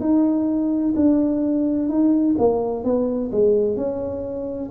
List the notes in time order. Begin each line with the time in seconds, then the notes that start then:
0.00 D#4
0.96 D4
1.89 D#4
2.38 A#3
2.84 B3
3.32 G#3
3.77 C#4